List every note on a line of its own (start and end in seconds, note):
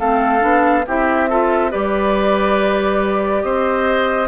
0.00 0.43 A3
0.00 0.41 C4
0.00 0.86 A4
0.00 0.86 F5
0.41 0.86 B3
0.41 0.84 D4
0.87 1.74 C4
0.87 1.30 E4
0.87 1.30 G4
0.87 1.71 E5
1.30 1.71 F4
1.30 1.71 A4
1.71 3.44 G3
1.71 4.28 G4
1.71 3.43 B4
1.71 3.43 D5
3.43 4.28 C4
3.43 4.28 C5
3.43 4.28 D#5